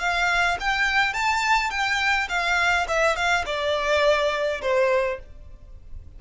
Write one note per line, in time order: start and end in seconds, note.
0.00 0.58 F5
0.60 1.14 G5
1.14 1.71 A5
1.71 2.28 G5
2.29 2.87 F5
2.88 3.16 E5
3.16 3.45 F5
3.46 4.62 D5
4.62 5.19 C5